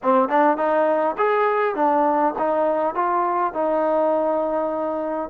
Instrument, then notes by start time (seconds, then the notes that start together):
trombone
0.02 C4
0.28 D4
0.57 D#4
1.17 G#4
1.75 D4
2.38 D#4
2.94 F4
3.53 D#4